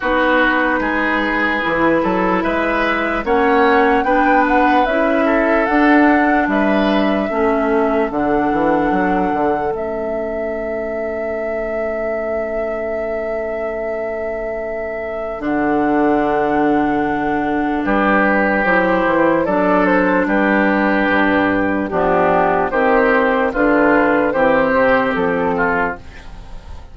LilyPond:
<<
  \new Staff \with { instrumentName = "flute" } { \time 4/4 \tempo 4 = 74 b'2. e''4 | fis''4 g''8 fis''8 e''4 fis''4 | e''2 fis''2 | e''1~ |
e''2. fis''4~ | fis''2 b'4 c''4 | d''8 c''8 b'2 g'4 | c''4 b'4 c''4 a'4 | }
  \new Staff \with { instrumentName = "oboe" } { \time 4/4 fis'4 gis'4. a'8 b'4 | cis''4 b'4. a'4. | b'4 a'2.~ | a'1~ |
a'1~ | a'2 g'2 | a'4 g'2 d'4 | g'4 f'4 g'4. f'8 | }
  \new Staff \with { instrumentName = "clarinet" } { \time 4/4 dis'2 e'2 | cis'4 d'4 e'4 d'4~ | d'4 cis'4 d'2 | cis'1~ |
cis'2. d'4~ | d'2. e'4 | d'2. b4 | c'4 d'4 c'2 | }
  \new Staff \with { instrumentName = "bassoon" } { \time 4/4 b4 gis4 e8 fis8 gis4 | ais4 b4 cis'4 d'4 | g4 a4 d8 e8 fis8 d8 | a1~ |
a2. d4~ | d2 g4 fis8 e8 | fis4 g4 g,4 f4 | dis4 d4 e8 c8 f4 | }
>>